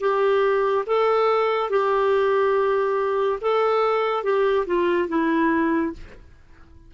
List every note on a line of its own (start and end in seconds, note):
0.00 0.85 G4
0.86 1.70 A4
1.70 3.39 G4
3.41 4.23 A4
4.23 4.66 G4
4.66 5.08 F4
5.08 5.92 E4